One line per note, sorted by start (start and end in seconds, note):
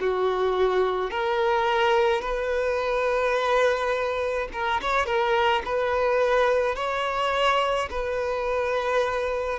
0.00 1.11 F#4
1.11 2.21 A#4
2.21 4.48 B4
4.52 4.81 A#4
4.81 5.06 C#5
5.06 5.62 A#4
5.65 6.76 B4
6.76 7.89 C#5
7.90 9.59 B4